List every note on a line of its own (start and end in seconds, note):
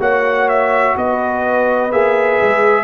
0.00 0.95 A#3
0.00 1.91 F#4
0.00 0.96 C#5
0.00 0.49 F#5
0.49 0.97 E5
0.97 1.93 B3
0.97 2.84 B4
0.97 1.92 D#5
1.92 2.40 A#3
1.92 2.84 G#4
1.92 2.84 E5
2.42 2.84 G#3